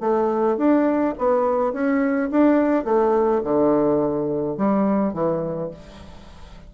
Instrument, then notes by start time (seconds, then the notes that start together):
bassoon
0.00 A3
0.57 D4
1.18 B3
1.72 C#4
2.31 D4
2.84 A3
3.44 D3
4.57 G3
5.13 E3